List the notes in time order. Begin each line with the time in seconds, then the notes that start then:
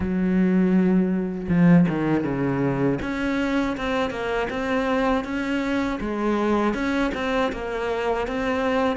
0.00 F#3
1.49 F3
1.88 D#3
2.24 C#3
3.02 C#4
3.77 C4
4.10 A#3
4.50 C4
5.24 C#4
6.00 G#3
6.73 C#4
7.14 C4
7.52 A#3
8.27 C4